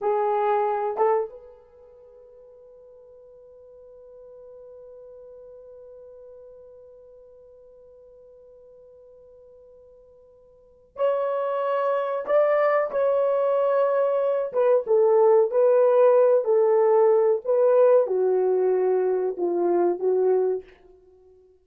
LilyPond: \new Staff \with { instrumentName = "horn" } { \time 4/4 \tempo 4 = 93 gis'4. a'8 b'2~ | b'1~ | b'1~ | b'1~ |
b'4 cis''2 d''4 | cis''2~ cis''8 b'8 a'4 | b'4. a'4. b'4 | fis'2 f'4 fis'4 | }